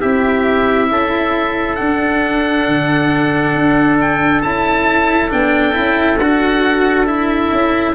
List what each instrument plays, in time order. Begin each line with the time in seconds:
0.00 tuba C4, cello E4, trumpet G4, oboe E5
0.89 tuba C#4, trumpet A4
1.75 cello D4, tuba D4, oboe F#5
2.67 tuba D3
3.54 tuba D4
4.00 oboe G5
4.42 tuba C#4, cello E4, oboe A5
5.29 tuba B3, cello D4, oboe G5
5.72 tuba C#4, cello E4
6.18 tuba D4, cello F#4, oboe F#5
7.06 cello E4, oboe E5
7.51 tuba C#4